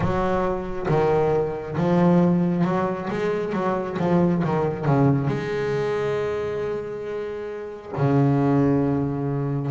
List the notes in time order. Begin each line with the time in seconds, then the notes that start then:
0.00 F#3
0.88 D#3
1.77 F3
2.64 F#3
3.10 G#3
3.53 F#3
3.99 F3
4.43 D#3
4.85 C#3
5.27 G#3
7.97 C#3